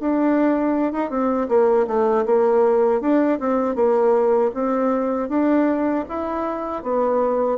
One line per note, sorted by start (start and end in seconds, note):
0.00 0.93 D4
0.93 1.10 D#4
1.10 1.48 C4
1.48 1.86 A#3
1.87 2.25 A3
2.25 3.01 A#3
3.01 3.39 D4
3.39 3.75 C4
3.75 4.51 A#3
4.54 5.29 C4
5.29 6.05 D4
6.09 6.83 E4
6.83 7.58 B3